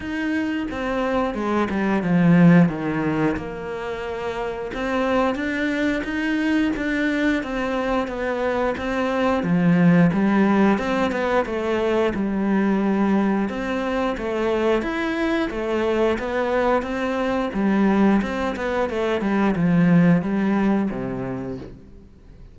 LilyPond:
\new Staff \with { instrumentName = "cello" } { \time 4/4 \tempo 4 = 89 dis'4 c'4 gis8 g8 f4 | dis4 ais2 c'4 | d'4 dis'4 d'4 c'4 | b4 c'4 f4 g4 |
c'8 b8 a4 g2 | c'4 a4 e'4 a4 | b4 c'4 g4 c'8 b8 | a8 g8 f4 g4 c4 | }